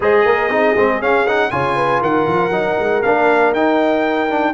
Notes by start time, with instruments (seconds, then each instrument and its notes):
0.00 tuba G#3, trombone G#4, horn C5, trumpet D#5
0.24 tuba A#3, horn A#4
0.49 tuba C4, trombone D#4, horn G#4
0.76 tuba G#3, trombone C4
1.01 trombone C#4, tuba C#4, trumpet F5
1.27 trombone D#4, trumpet F#5
1.50 tuba C#3, trombone F4, horn C#5, trumpet G#5
1.75 horn B4
2.00 tuba D#3, horn A#4, trumpet F#5
2.27 tuba F3
2.49 tuba F#3, trombone D#4
2.79 tuba G#3
3.02 tuba A#3, trombone D4, trumpet F5
3.52 tuba D#4, trombone D#4, trumpet G5
4.29 trombone D4